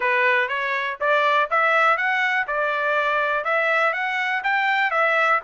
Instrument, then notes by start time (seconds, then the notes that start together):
trumpet
0.00 B4
0.48 C#5
1.00 D5
1.50 E5
1.97 F#5
2.47 D5
3.44 E5
3.93 F#5
4.43 G5
4.90 E5